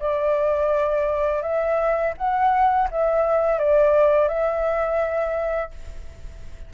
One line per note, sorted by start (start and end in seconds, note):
0.00 1.43 D5
1.43 2.14 E5
2.18 2.89 F#5
2.91 3.59 E5
3.59 4.29 D5
4.29 5.71 E5